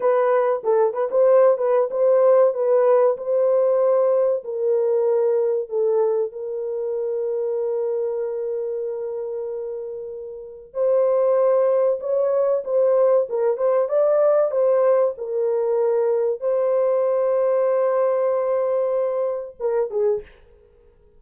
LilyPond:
\new Staff \with { instrumentName = "horn" } { \time 4/4 \tempo 4 = 95 b'4 a'8 b'16 c''8. b'8 c''4 | b'4 c''2 ais'4~ | ais'4 a'4 ais'2~ | ais'1~ |
ais'4 c''2 cis''4 | c''4 ais'8 c''8 d''4 c''4 | ais'2 c''2~ | c''2. ais'8 gis'8 | }